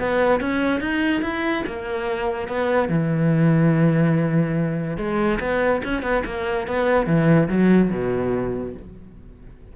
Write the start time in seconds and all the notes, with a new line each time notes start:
0.00 B3
0.41 C#4
0.80 D#4
1.22 E4
1.66 A#3
2.48 B3
2.89 E3
4.98 G#3
5.40 B3
5.84 C#4
6.03 B3
6.26 A#3
6.67 B3
7.07 E3
7.49 F#3
7.91 B2